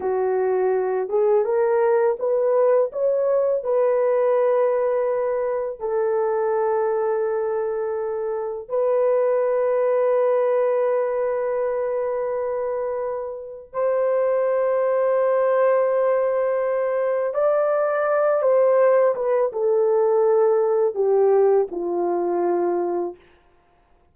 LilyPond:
\new Staff \with { instrumentName = "horn" } { \time 4/4 \tempo 4 = 83 fis'4. gis'8 ais'4 b'4 | cis''4 b'2. | a'1 | b'1~ |
b'2. c''4~ | c''1 | d''4. c''4 b'8 a'4~ | a'4 g'4 f'2 | }